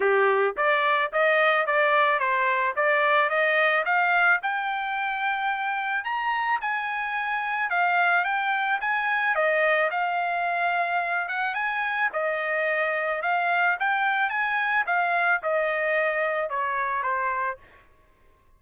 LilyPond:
\new Staff \with { instrumentName = "trumpet" } { \time 4/4 \tempo 4 = 109 g'4 d''4 dis''4 d''4 | c''4 d''4 dis''4 f''4 | g''2. ais''4 | gis''2 f''4 g''4 |
gis''4 dis''4 f''2~ | f''8 fis''8 gis''4 dis''2 | f''4 g''4 gis''4 f''4 | dis''2 cis''4 c''4 | }